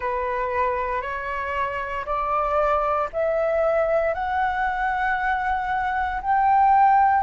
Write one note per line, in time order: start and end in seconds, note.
0.00 1.01 B4
1.01 2.05 C#5
2.05 3.08 D5
3.12 4.14 E5
4.14 6.21 F#5
6.21 7.23 G5